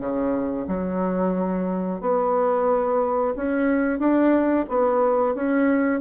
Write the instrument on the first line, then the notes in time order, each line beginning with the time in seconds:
bassoon
0.00 C#3
0.68 F#3
2.01 B3
3.36 C#4
3.99 D4
4.69 B3
5.35 C#4